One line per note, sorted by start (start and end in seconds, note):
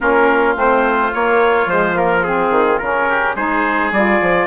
0.01 0.55 A#3
0.01 0.55 C#4
0.01 3.09 F4
0.01 0.57 A#4
0.55 1.12 A3
0.55 1.11 C4
0.55 1.13 C5
1.12 1.68 A#3
1.12 1.66 A#3
1.12 1.69 C#5
1.66 2.50 F3
1.66 1.94 G#3
1.66 1.97 C5
1.94 2.22 A#3
1.94 2.23 A#4
2.23 2.81 C4
2.23 2.78 G#4
2.51 2.79 D#3
2.78 3.35 C#3
2.78 3.36 C#4
2.78 3.34 A#4
3.09 3.35 G4
3.35 3.91 G#3
3.35 3.92 D#4
3.35 4.46 G#4
3.35 3.92 C5
3.91 4.19 G3
3.91 4.46 F4
3.91 4.46 D5
4.21 4.46 F3